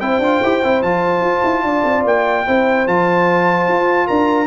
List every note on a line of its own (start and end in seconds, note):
0.00 0.19 C4
0.00 0.22 E4
0.00 1.65 C5
0.00 0.82 G5
0.19 0.39 D4
0.19 0.43 F4
0.43 0.63 E4
0.43 0.63 G4
0.63 0.83 C4
0.63 0.83 E4
0.82 1.20 F3
0.82 2.46 F4
0.82 2.05 A5
1.20 1.41 F4
1.44 1.63 E4
1.63 1.83 D4
1.63 2.47 D5
1.84 2.04 C4
2.04 2.45 A#3
2.04 2.87 G5
2.46 2.87 C4
2.46 2.87 E4
2.46 4.07 C5
2.87 3.68 F3
2.87 4.47 F4
2.87 4.07 A5
3.68 4.09 F4
4.07 4.47 D4
4.07 4.47 A#4
4.07 4.47 A#5